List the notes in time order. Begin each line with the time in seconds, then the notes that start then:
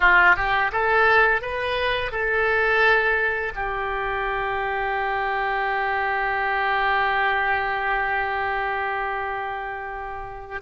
0.00 F4
0.36 G4
0.72 A4
1.41 B4
2.11 A4
3.55 G4